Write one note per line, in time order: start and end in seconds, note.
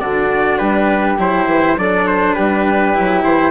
0.00 0.59 D3
0.00 1.18 D4
0.00 0.59 F#4
0.00 0.59 D5
0.59 1.19 G3
0.59 1.77 G4
0.59 1.18 B4
1.19 1.46 F#3
1.19 1.78 E4
1.19 1.79 C5
1.46 1.76 E3
1.77 2.36 F#3
1.77 2.94 D4
1.77 2.36 A4
1.77 2.08 D5
2.08 2.35 C5
2.35 2.97 G3
2.35 3.52 G4
2.35 3.23 B4
2.94 3.24 F#3
2.94 3.52 E4
3.24 3.52 E3
3.24 3.52 C5